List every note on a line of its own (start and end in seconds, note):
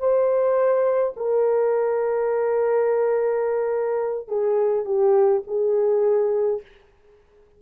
0.00 1.14 C5
1.17 4.29 A#4
4.29 4.86 G#4
4.86 5.43 G4
5.48 6.62 G#4